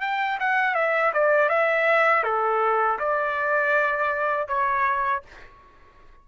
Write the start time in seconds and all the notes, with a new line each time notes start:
0.00 G5
0.39 F#5
0.74 E5
1.13 D5
1.49 E5
2.23 A4
2.99 D5
4.47 C#5